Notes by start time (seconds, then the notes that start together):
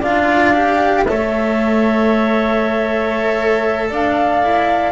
0.00 D4 F4 D5 F5
0.54 G4
1.05 A3 A4 C#5 E5
3.89 D4 D5 F5
4.42 E4